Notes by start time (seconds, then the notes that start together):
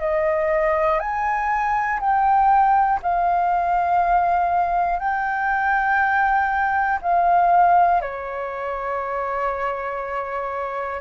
0.00 D#5
1.00 G#5
2.00 G5
3.03 F5
4.99 G5
7.01 F5
8.01 C#5